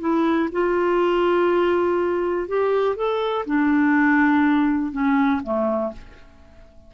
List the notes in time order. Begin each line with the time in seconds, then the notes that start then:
0.00 E4
0.52 F4
2.48 G4
2.96 A4
3.46 D4
4.92 C#4
5.43 A3